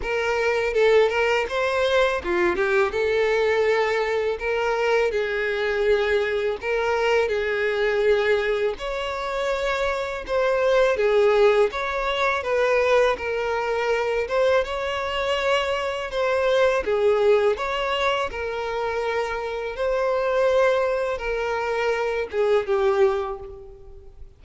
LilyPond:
\new Staff \with { instrumentName = "violin" } { \time 4/4 \tempo 4 = 82 ais'4 a'8 ais'8 c''4 f'8 g'8 | a'2 ais'4 gis'4~ | gis'4 ais'4 gis'2 | cis''2 c''4 gis'4 |
cis''4 b'4 ais'4. c''8 | cis''2 c''4 gis'4 | cis''4 ais'2 c''4~ | c''4 ais'4. gis'8 g'4 | }